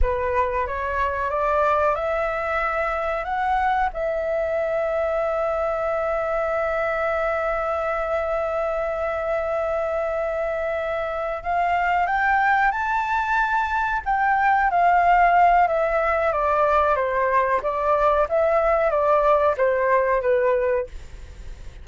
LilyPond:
\new Staff \with { instrumentName = "flute" } { \time 4/4 \tempo 4 = 92 b'4 cis''4 d''4 e''4~ | e''4 fis''4 e''2~ | e''1~ | e''1~ |
e''4. f''4 g''4 a''8~ | a''4. g''4 f''4. | e''4 d''4 c''4 d''4 | e''4 d''4 c''4 b'4 | }